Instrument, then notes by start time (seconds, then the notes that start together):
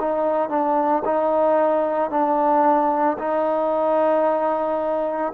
trombone
0.00 D#4
0.49 D4
1.05 D#4
2.10 D4
3.19 D#4